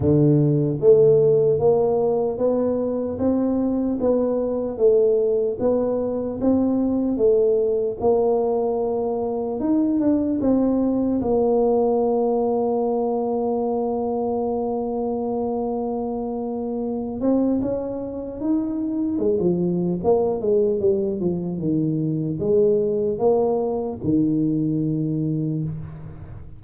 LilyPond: \new Staff \with { instrumentName = "tuba" } { \time 4/4 \tempo 4 = 75 d4 a4 ais4 b4 | c'4 b4 a4 b4 | c'4 a4 ais2 | dis'8 d'8 c'4 ais2~ |
ais1~ | ais4. c'8 cis'4 dis'4 | gis16 f8. ais8 gis8 g8 f8 dis4 | gis4 ais4 dis2 | }